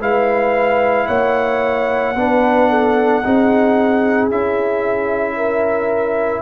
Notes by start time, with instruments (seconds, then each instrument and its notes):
0.00 tuba G#3, trombone E4, horn B4, trumpet F5
1.07 tuba A#3, horn C#5, trumpet F#5
2.15 tuba B3, trombone D4, horn B4
2.70 horn A4
3.24 tuba C4, trombone D#4, horn G#4
4.30 tuba C#4, trombone E4, trumpet E5
5.36 horn A#4